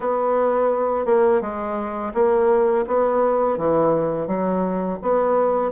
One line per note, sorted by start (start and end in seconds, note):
0.00 1.05 B3
1.05 1.41 A#3
1.41 2.12 G#3
2.14 2.85 A#3
2.87 3.57 B3
3.57 4.27 E3
4.27 4.98 F#3
5.02 5.71 B3